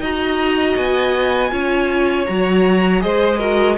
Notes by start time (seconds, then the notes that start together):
0.00 D#4 F#4 D#5 A#5
0.77 B3 G#5
1.51 C#4 F4 C#5
2.26 F#3 F#4 A#5
3.01 G#3 G#4 C5 D#5
3.38 F#4 A#4